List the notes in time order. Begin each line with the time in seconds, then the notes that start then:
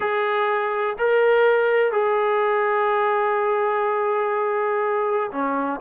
0.00 G#4
0.98 A#4
1.92 G#4
5.31 C#4